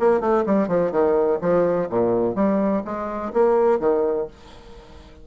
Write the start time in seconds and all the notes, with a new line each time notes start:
0.00 A#3
0.21 A3
0.46 G3
0.68 F3
0.92 D#3
1.42 F3
1.90 A#2
2.35 G3
2.85 G#3
3.34 A#3
3.80 D#3